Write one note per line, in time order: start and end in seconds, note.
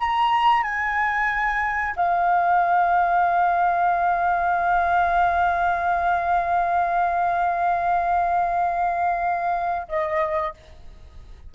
0.00 0.63 A#5
0.63 1.95 G#5
1.96 9.88 F5
9.88 10.54 D#5